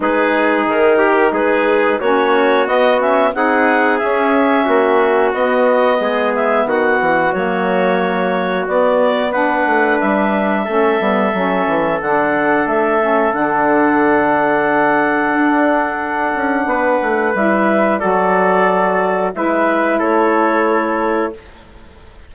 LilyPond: <<
  \new Staff \with { instrumentName = "clarinet" } { \time 4/4 \tempo 4 = 90 b'4 ais'4 b'4 cis''4 | dis''8 e''8 fis''4 e''2 | dis''4. e''8 fis''4 cis''4~ | cis''4 d''4 fis''4 e''4~ |
e''2 fis''4 e''4 | fis''1~ | fis''2 e''4 d''4~ | d''4 e''4 cis''2 | }
  \new Staff \with { instrumentName = "trumpet" } { \time 4/4 gis'4. g'8 gis'4 fis'4~ | fis'4 gis'2 fis'4~ | fis'4 gis'4 fis'2~ | fis'2 b'2 |
a'1~ | a'1~ | a'4 b'2 a'4~ | a'4 b'4 a'2 | }
  \new Staff \with { instrumentName = "saxophone" } { \time 4/4 dis'2. cis'4 | b8 cis'8 dis'4 cis'2 | b2. ais4~ | ais4 b4 d'2 |
cis'8 b8 cis'4 d'4. cis'8 | d'1~ | d'2 e'4 fis'4~ | fis'4 e'2. | }
  \new Staff \with { instrumentName = "bassoon" } { \time 4/4 gis4 dis4 gis4 ais4 | b4 c'4 cis'4 ais4 | b4 gis4 dis8 e8 fis4~ | fis4 b4. a8 g4 |
a8 g8 fis8 e8 d4 a4 | d2. d'4~ | d'8 cis'8 b8 a8 g4 fis4~ | fis4 gis4 a2 | }
>>